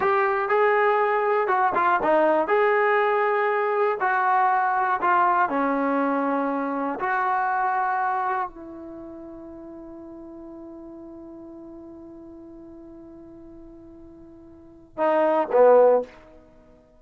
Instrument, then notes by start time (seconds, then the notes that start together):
trombone
0.00 G4
0.48 G#4
1.47 F#4
1.75 F4
2.02 D#4
2.47 G#4
4.00 F#4
5.01 F4
5.49 C#4
6.99 F#4
8.48 E4
14.97 D#4
15.52 B3